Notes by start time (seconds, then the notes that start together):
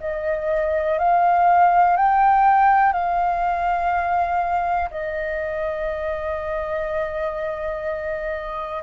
0.00 D#5
0.98 F5
1.97 G5
2.92 F5
4.90 D#5